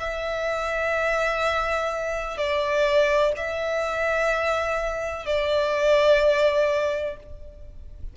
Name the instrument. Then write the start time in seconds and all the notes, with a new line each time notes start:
violin
0.00 E5
2.38 D5
3.37 E5
5.26 D5